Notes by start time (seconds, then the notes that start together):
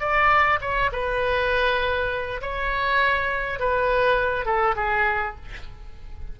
0.00 D5
0.61 C#5
0.93 B4
2.41 C#5
3.60 B4
4.46 A4
4.76 G#4